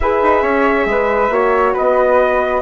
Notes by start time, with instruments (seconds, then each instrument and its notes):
0.00 bassoon E4, horn G#4, flute B4, trumpet E5
0.21 bassoon D#4
0.42 bassoon C#4, flute C#5
0.85 bassoon G#3, flute B4
1.29 bassoon A#3, horn F#4, flute C#5
1.73 bassoon B3, flute B4, trumpet D#5